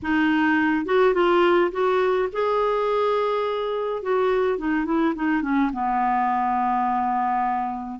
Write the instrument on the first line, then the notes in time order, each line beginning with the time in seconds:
clarinet
0.02 D#4
0.85 F#4
1.14 F4
1.71 F#4
2.32 G#4
4.02 F#4
4.57 D#4
4.85 E4
5.15 D#4
5.42 C#4
5.72 B3